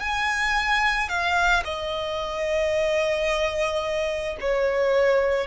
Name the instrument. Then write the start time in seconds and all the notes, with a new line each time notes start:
violin
0.00 G#5
1.09 F5
1.64 D#5
4.40 C#5